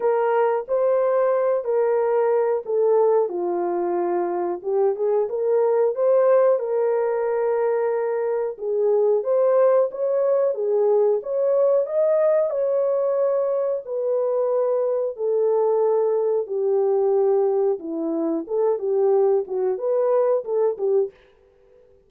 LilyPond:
\new Staff \with { instrumentName = "horn" } { \time 4/4 \tempo 4 = 91 ais'4 c''4. ais'4. | a'4 f'2 g'8 gis'8 | ais'4 c''4 ais'2~ | ais'4 gis'4 c''4 cis''4 |
gis'4 cis''4 dis''4 cis''4~ | cis''4 b'2 a'4~ | a'4 g'2 e'4 | a'8 g'4 fis'8 b'4 a'8 g'8 | }